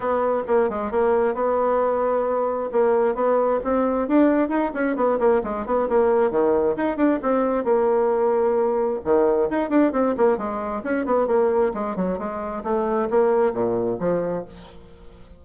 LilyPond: \new Staff \with { instrumentName = "bassoon" } { \time 4/4 \tempo 4 = 133 b4 ais8 gis8 ais4 b4~ | b2 ais4 b4 | c'4 d'4 dis'8 cis'8 b8 ais8 | gis8 b8 ais4 dis4 dis'8 d'8 |
c'4 ais2. | dis4 dis'8 d'8 c'8 ais8 gis4 | cis'8 b8 ais4 gis8 fis8 gis4 | a4 ais4 ais,4 f4 | }